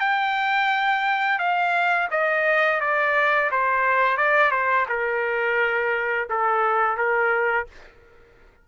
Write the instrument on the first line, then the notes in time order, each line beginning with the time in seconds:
trumpet
0.00 G5
1.39 F5
2.11 D#5
2.81 D5
3.51 C5
4.18 D5
4.51 C5
4.89 A#4
6.30 A4
6.97 A#4